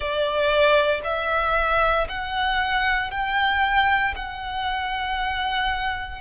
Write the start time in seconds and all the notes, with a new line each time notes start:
0.00 D5
1.03 E5
2.08 F#5
3.10 G5
4.15 F#5